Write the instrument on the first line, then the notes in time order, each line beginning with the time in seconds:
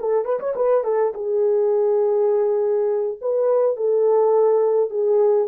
horn
0.00 A4
0.25 B4
0.40 C#5
0.56 B4
0.84 A4
1.14 G#4
3.21 B4
3.77 A4
4.90 G#4